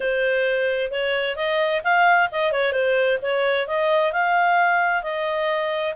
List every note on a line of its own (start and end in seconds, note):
0.00 0.91 C5
0.91 1.35 C#5
1.35 1.81 D#5
1.83 2.29 F5
2.31 2.51 D#5
2.51 2.72 C#5
2.72 3.18 C5
3.22 3.67 C#5
3.67 4.12 D#5
4.12 5.02 F5
5.02 5.94 D#5